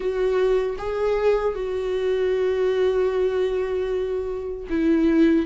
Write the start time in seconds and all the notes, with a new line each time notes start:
0.00 F#4
0.78 G#4
1.54 F#4
4.69 E4